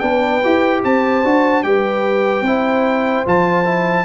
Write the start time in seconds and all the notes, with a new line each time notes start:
0.00 B3 D4 B4 G5
0.44 E4 G4
0.84 C4 C5 A5
1.24 D4 F#4
1.63 G3 G4 B4 G5
2.42 C4 E4 C5
3.26 F3 F4 A5
3.65 E4